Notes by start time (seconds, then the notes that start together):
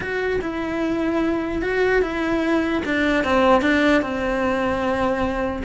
0.00 F#4
0.41 E4
1.61 F#4
2.02 E4
2.85 D4
3.23 C4
3.61 D4
4.02 C4